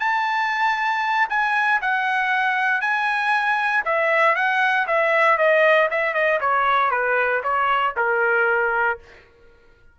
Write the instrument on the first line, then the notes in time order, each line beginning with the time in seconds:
trumpet
0.00 A5
1.30 G#5
1.82 F#5
2.81 G#5
3.85 E5
4.36 F#5
4.87 E5
5.38 D#5
5.91 E5
6.14 D#5
6.41 C#5
6.91 B4
7.44 C#5
7.97 A#4